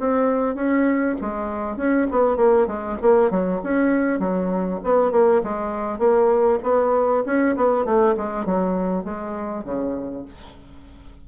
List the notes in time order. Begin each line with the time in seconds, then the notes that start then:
0.00 C4
0.55 C#4
1.21 G#3
1.77 C#4
2.12 B3
2.37 A#3
2.67 G#3
3.02 A#3
3.31 F#3
3.64 C#4
4.20 F#3
4.84 B3
5.12 A#3
5.44 G#3
5.99 A#3
6.64 B3
7.26 C#4
7.56 B3
7.85 A3
8.17 G#3
8.46 F#3
9.05 G#3
9.65 C#3